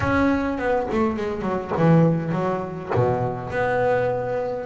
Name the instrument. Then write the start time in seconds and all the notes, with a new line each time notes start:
double bass
0.00 C#4
0.58 B3
0.91 A3
1.16 G#3
1.42 F#3
1.77 E3
2.31 F#3
2.94 B2
3.50 B3